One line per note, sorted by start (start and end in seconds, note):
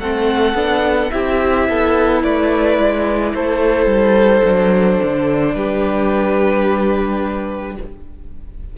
0.00 0.55 A3
0.00 0.56 C4
0.00 1.11 A4
0.00 1.11 F#5
0.55 1.10 B3
0.55 1.11 D4
1.11 1.69 C4
1.11 4.44 E4
1.11 1.69 G4
1.11 2.23 E5
1.69 2.24 B3
1.69 2.23 A4
2.23 2.78 A3
2.23 3.34 B4
2.23 3.34 D5
2.78 3.34 G#3
3.34 3.86 A3
3.34 5.56 A4
3.34 5.55 C5
3.86 4.42 G3
4.44 5.00 F#3
4.44 7.78 D4
5.03 5.55 D3
5.55 7.77 G3
5.55 7.78 G4
5.55 7.77 B4